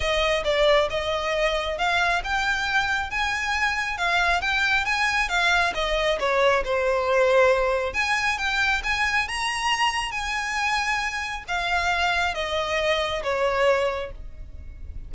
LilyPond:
\new Staff \with { instrumentName = "violin" } { \time 4/4 \tempo 4 = 136 dis''4 d''4 dis''2 | f''4 g''2 gis''4~ | gis''4 f''4 g''4 gis''4 | f''4 dis''4 cis''4 c''4~ |
c''2 gis''4 g''4 | gis''4 ais''2 gis''4~ | gis''2 f''2 | dis''2 cis''2 | }